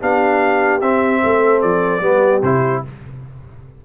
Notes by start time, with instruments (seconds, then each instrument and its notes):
0.00 tuba B3, trombone D4, horn G4, trumpet F5
0.81 tuba C4, trombone C4, trumpet E5
1.23 tuba A3, horn A4
1.61 tuba F3, trumpet D5
2.01 tuba G3, trombone B3, horn G4
2.42 tuba C3, trombone E4, trumpet C5